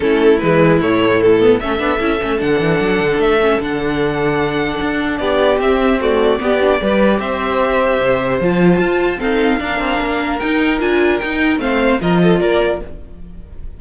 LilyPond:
<<
  \new Staff \with { instrumentName = "violin" } { \time 4/4 \tempo 4 = 150 a'4 b'4 cis''4 a'4 | e''2 fis''2 | e''4 fis''2.~ | fis''4 d''4 e''4 d''4~ |
d''2 e''2~ | e''4 a''2 f''4~ | f''2 g''4 gis''4 | g''4 f''4 dis''4 d''4 | }
  \new Staff \with { instrumentName = "violin" } { \time 4/4 e'1 | a'1~ | a'1~ | a'4 g'2 fis'4 |
g'4 b'4 c''2~ | c''2. a'4 | ais'1~ | ais'4 c''4 ais'8 a'8 ais'4 | }
  \new Staff \with { instrumentName = "viola" } { \time 4/4 cis'4 gis4 a4. b8 | cis'8 d'8 e'8 cis'8 d'2~ | d'8 cis'8 d'2.~ | d'2 c'4 a4 |
b8 d'8 g'2.~ | g'4 f'2 c'4 | d'2 dis'4 f'4 | dis'4 c'4 f'2 | }
  \new Staff \with { instrumentName = "cello" } { \time 4/4 a4 e4 a,2 | a8 b8 cis'8 a8 d8 e8 fis8 d8 | a4 d2. | d'4 b4 c'2 |
b4 g4 c'2 | c4 f4 f'4 dis'4 | d'8 c'8 ais4 dis'4 d'4 | dis'4 a4 f4 ais4 | }
>>